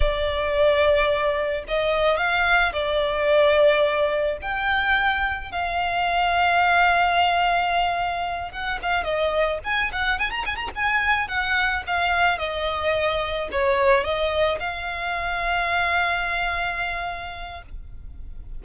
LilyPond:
\new Staff \with { instrumentName = "violin" } { \time 4/4 \tempo 4 = 109 d''2. dis''4 | f''4 d''2. | g''2 f''2~ | f''2.~ f''8 fis''8 |
f''8 dis''4 gis''8 fis''8 gis''16 ais''16 gis''16 ais''16 gis''8~ | gis''8 fis''4 f''4 dis''4.~ | dis''8 cis''4 dis''4 f''4.~ | f''1 | }